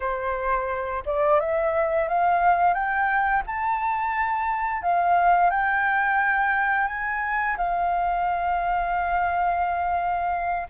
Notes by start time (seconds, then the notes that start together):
0.00 C5
1.05 D5
1.40 E5
2.08 F5
2.74 G5
3.46 A5
4.82 F5
5.50 G5
6.87 G#5
7.57 F5